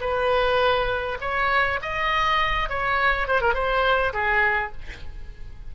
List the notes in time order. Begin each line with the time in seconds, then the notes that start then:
0.00 B4
1.21 C#5
1.82 D#5
2.69 C#5
3.28 C5
3.41 A#4
3.54 C5
4.13 G#4